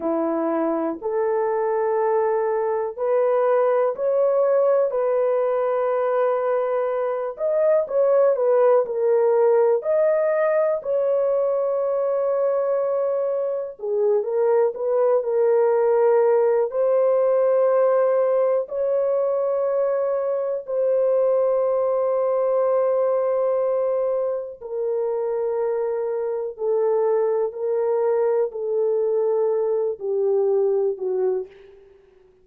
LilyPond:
\new Staff \with { instrumentName = "horn" } { \time 4/4 \tempo 4 = 61 e'4 a'2 b'4 | cis''4 b'2~ b'8 dis''8 | cis''8 b'8 ais'4 dis''4 cis''4~ | cis''2 gis'8 ais'8 b'8 ais'8~ |
ais'4 c''2 cis''4~ | cis''4 c''2.~ | c''4 ais'2 a'4 | ais'4 a'4. g'4 fis'8 | }